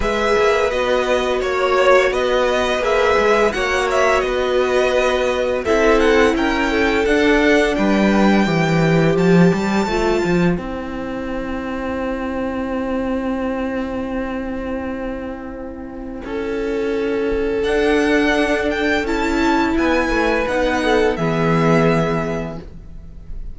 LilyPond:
<<
  \new Staff \with { instrumentName = "violin" } { \time 4/4 \tempo 4 = 85 e''4 dis''4 cis''4 dis''4 | e''4 fis''8 e''8 dis''2 | e''8 fis''8 g''4 fis''4 g''4~ | g''4 a''2 g''4~ |
g''1~ | g''1~ | g''4 fis''4. g''8 a''4 | gis''4 fis''4 e''2 | }
  \new Staff \with { instrumentName = "violin" } { \time 4/4 b'2 cis''4 b'4~ | b'4 cis''4 b'2 | a'4 ais'8 a'4. b'4 | c''1~ |
c''1~ | c''2. a'4~ | a'1 | b'4. a'8 gis'2 | }
  \new Staff \with { instrumentName = "viola" } { \time 4/4 gis'4 fis'2. | gis'4 fis'2. | e'2 d'2 | g'2 f'4 e'4~ |
e'1~ | e'1~ | e'4 d'2 e'4~ | e'4 dis'4 b2 | }
  \new Staff \with { instrumentName = "cello" } { \time 4/4 gis8 ais8 b4 ais4 b4 | ais8 gis8 ais4 b2 | c'4 cis'4 d'4 g4 | e4 f8 g8 a8 f8 c'4~ |
c'1~ | c'2. cis'4~ | cis'4 d'2 cis'4 | b8 a8 b4 e2 | }
>>